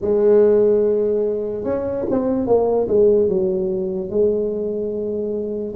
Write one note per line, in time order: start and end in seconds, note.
0.01 1.64 G#3
1.64 2.05 C#4
2.10 2.46 C4
2.46 2.87 A#3
2.88 3.28 G#3
3.28 4.09 F#3
4.09 5.74 G#3